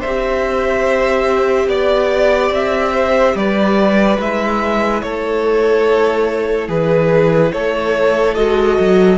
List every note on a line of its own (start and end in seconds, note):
0.00 1.68 C4
0.00 1.67 C5
0.00 1.68 E5
0.06 4.21 G4
1.68 2.51 B3
1.68 2.93 D5
1.68 2.53 D5
2.51 3.34 C4
2.51 3.37 E5
2.93 3.35 C5
3.35 4.18 G3
3.35 5.04 B4
3.35 4.20 D5
4.19 5.03 G#3
4.19 8.37 E4
4.19 5.02 E5
5.02 6.68 A3
5.02 6.68 A4
5.02 6.68 C#5
6.68 7.52 E3
6.68 7.52 G#4
6.68 7.52 B4
7.52 8.36 A3
7.52 9.18 A4
7.52 8.35 C#5
8.35 8.78 G#3
8.35 9.18 F#4
8.35 9.18 D#5
8.79 9.18 F#3